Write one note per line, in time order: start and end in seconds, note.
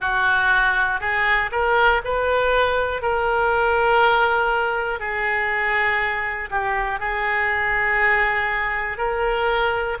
0.00 1.00 F#4
1.00 1.50 G#4
1.51 2.01 A#4
2.04 3.02 B4
3.02 5.00 A#4
5.00 6.50 G#4
6.50 6.99 G4
6.99 8.97 G#4
8.97 9.97 A#4